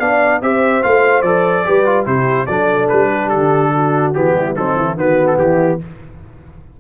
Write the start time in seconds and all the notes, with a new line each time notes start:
0.00 B3 D4 D5 F5
0.42 C4 G4 C5 E5
0.83 A3 F4 F5
1.22 F3 A4 D5
1.65 G3 G4 B4
1.86 F4
2.06 C3 E4 G4 C5
2.46 F#3 D4 A4 D5
2.89 G3 B4
3.11 G4
3.29 D3 A4
3.75 F#4
4.14 E3 B3 G4
4.35 G3 E4
4.56 F#3 C4 D#4 A4
4.76 E3 E4
4.96 D#3 B3 F#4 B4
5.27 A4
5.38 E3 E4 G4